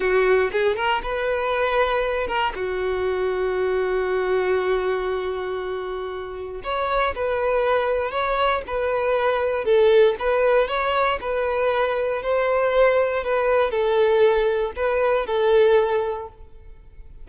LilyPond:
\new Staff \with { instrumentName = "violin" } { \time 4/4 \tempo 4 = 118 fis'4 gis'8 ais'8 b'2~ | b'8 ais'8 fis'2.~ | fis'1~ | fis'4 cis''4 b'2 |
cis''4 b'2 a'4 | b'4 cis''4 b'2 | c''2 b'4 a'4~ | a'4 b'4 a'2 | }